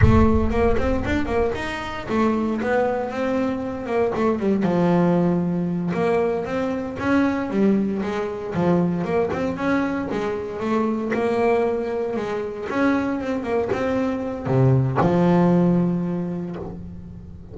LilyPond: \new Staff \with { instrumentName = "double bass" } { \time 4/4 \tempo 4 = 116 a4 ais8 c'8 d'8 ais8 dis'4 | a4 b4 c'4. ais8 | a8 g8 f2~ f8 ais8~ | ais8 c'4 cis'4 g4 gis8~ |
gis8 f4 ais8 c'8 cis'4 gis8~ | gis8 a4 ais2 gis8~ | gis8 cis'4 c'8 ais8 c'4. | c4 f2. | }